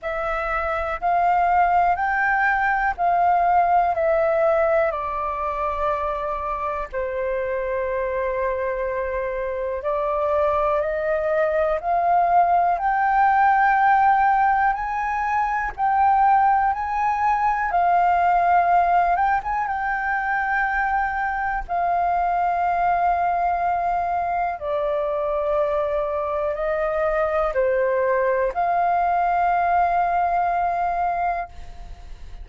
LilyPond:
\new Staff \with { instrumentName = "flute" } { \time 4/4 \tempo 4 = 61 e''4 f''4 g''4 f''4 | e''4 d''2 c''4~ | c''2 d''4 dis''4 | f''4 g''2 gis''4 |
g''4 gis''4 f''4. g''16 gis''16 | g''2 f''2~ | f''4 d''2 dis''4 | c''4 f''2. | }